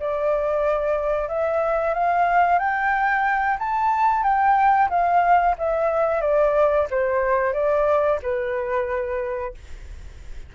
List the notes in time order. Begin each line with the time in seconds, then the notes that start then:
0.00 D5
1.29 E5
1.95 F5
2.59 G5
3.59 A5
4.23 G5
4.90 F5
5.59 E5
6.22 D5
6.91 C5
7.54 D5
8.23 B4